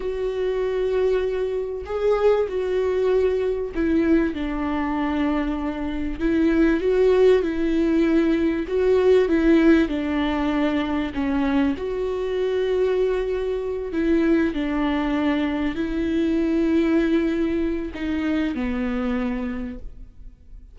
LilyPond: \new Staff \with { instrumentName = "viola" } { \time 4/4 \tempo 4 = 97 fis'2. gis'4 | fis'2 e'4 d'4~ | d'2 e'4 fis'4 | e'2 fis'4 e'4 |
d'2 cis'4 fis'4~ | fis'2~ fis'8 e'4 d'8~ | d'4. e'2~ e'8~ | e'4 dis'4 b2 | }